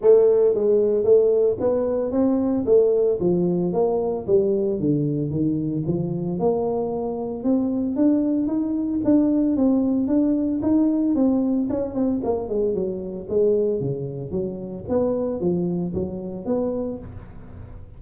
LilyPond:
\new Staff \with { instrumentName = "tuba" } { \time 4/4 \tempo 4 = 113 a4 gis4 a4 b4 | c'4 a4 f4 ais4 | g4 d4 dis4 f4 | ais2 c'4 d'4 |
dis'4 d'4 c'4 d'4 | dis'4 c'4 cis'8 c'8 ais8 gis8 | fis4 gis4 cis4 fis4 | b4 f4 fis4 b4 | }